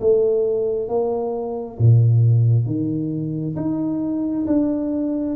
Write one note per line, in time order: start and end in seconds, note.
0.00 0.88 A3
0.88 1.77 A#3
1.78 2.65 A#2
2.65 3.55 D#3
3.55 4.45 D#4
4.47 5.36 D4